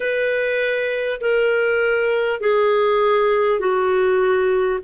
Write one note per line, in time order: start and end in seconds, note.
0.00 1.20 B4
1.20 2.40 A#4
2.40 3.59 G#4
3.59 4.79 F#4